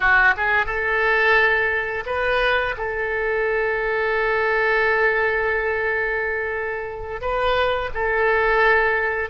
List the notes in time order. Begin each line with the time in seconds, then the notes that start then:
0.00 F#4
0.36 G#4
0.66 A4
2.06 B4
2.77 A4
7.21 B4
7.93 A4